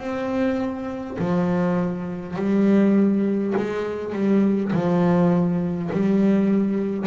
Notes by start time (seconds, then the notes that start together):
0.00 C4
1.19 F3
2.36 G3
3.57 G#3
4.13 G3
4.73 F3
5.93 G3